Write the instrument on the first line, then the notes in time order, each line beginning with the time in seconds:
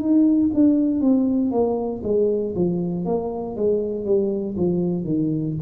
tuba
0.00 D#4
0.55 D4
1.01 C4
1.51 A#3
2.04 G#3
2.56 F3
3.05 A#3
3.56 G#3
4.05 G3
4.58 F3
5.04 D#3